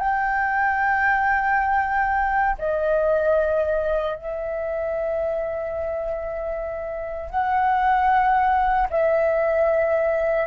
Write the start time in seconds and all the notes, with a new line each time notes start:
0.00 G5
2.59 D#5
4.16 E5
7.30 F#5
8.90 E5